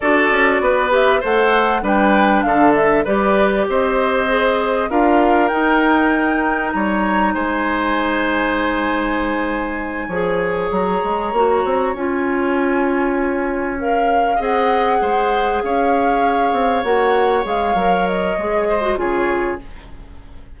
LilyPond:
<<
  \new Staff \with { instrumentName = "flute" } { \time 4/4 \tempo 4 = 98 d''4. e''8 fis''4 g''4 | f''8 e''8 d''4 dis''2 | f''4 g''2 ais''4 | gis''1~ |
gis''4. ais''2 gis''8~ | gis''2~ gis''8 f''4 fis''8~ | fis''4. f''2 fis''8~ | fis''8 f''4 dis''4. cis''4 | }
  \new Staff \with { instrumentName = "oboe" } { \time 4/4 a'4 b'4 c''4 b'4 | a'4 b'4 c''2 | ais'2. cis''4 | c''1~ |
c''8 cis''2.~ cis''8~ | cis''2.~ cis''8 dis''8~ | dis''8 c''4 cis''2~ cis''8~ | cis''2~ cis''8 c''8 gis'4 | }
  \new Staff \with { instrumentName = "clarinet" } { \time 4/4 fis'4. g'8 a'4 d'4~ | d'4 g'2 gis'4 | f'4 dis'2.~ | dis'1~ |
dis'8 gis'2 fis'4 f'8~ | f'2~ f'8 ais'4 gis'8~ | gis'2.~ gis'8 fis'8~ | fis'8 gis'8 ais'4 gis'8. fis'16 f'4 | }
  \new Staff \with { instrumentName = "bassoon" } { \time 4/4 d'8 cis'8 b4 a4 g4 | d4 g4 c'2 | d'4 dis'2 g4 | gis1~ |
gis8 f4 fis8 gis8 ais8 c'8 cis'8~ | cis'2.~ cis'8 c'8~ | c'8 gis4 cis'4. c'8 ais8~ | ais8 gis8 fis4 gis4 cis4 | }
>>